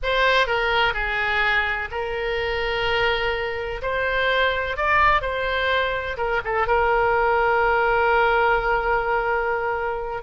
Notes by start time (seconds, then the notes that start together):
0.02 C5
0.46 A#4
0.93 G#4
1.91 A#4
3.81 C5
4.77 D5
5.21 C5
6.17 A#4
6.44 A4
6.67 A#4